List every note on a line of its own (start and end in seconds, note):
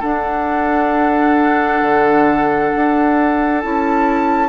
0.00 3.61 D4
0.00 1.82 D4
0.00 4.48 A4
0.00 3.61 F#5
1.82 2.72 D3
2.75 3.65 D4
3.61 4.49 C#4
3.61 4.49 E4
3.61 4.49 A5